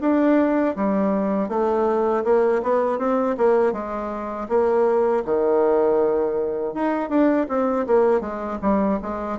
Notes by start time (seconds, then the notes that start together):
0.00 D4
0.76 G3
1.48 A3
2.24 A#3
2.62 B3
2.98 C4
3.37 A#3
3.72 G#3
4.48 A#3
5.24 D#3
6.74 D#4
7.09 D4
7.48 C4
7.86 A#3
8.20 G#3
8.61 G3
9.02 G#3